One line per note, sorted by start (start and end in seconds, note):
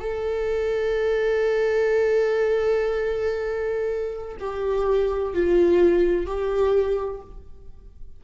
0.00 4.37 A4
4.39 5.33 G4
5.33 6.26 F4
6.26 7.21 G4